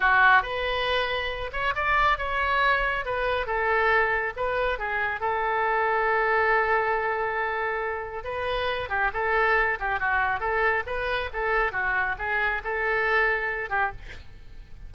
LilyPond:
\new Staff \with { instrumentName = "oboe" } { \time 4/4 \tempo 4 = 138 fis'4 b'2~ b'8 cis''8 | d''4 cis''2 b'4 | a'2 b'4 gis'4 | a'1~ |
a'2. b'4~ | b'8 g'8 a'4. g'8 fis'4 | a'4 b'4 a'4 fis'4 | gis'4 a'2~ a'8 g'8 | }